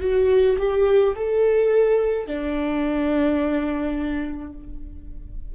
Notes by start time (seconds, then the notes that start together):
0.00 F#4
0.58 G4
1.15 A4
2.26 D4